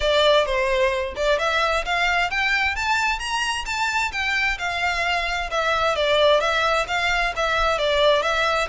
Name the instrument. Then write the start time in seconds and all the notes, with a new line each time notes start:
violin
0.00 D5
0.45 C5
1.16 D5
1.39 E5
1.85 F5
2.30 G5
2.75 A5
3.19 A#5
3.65 A5
4.12 G5
4.58 F5
5.50 E5
5.95 D5
6.40 E5
6.87 F5
7.36 E5
7.78 D5
8.22 E5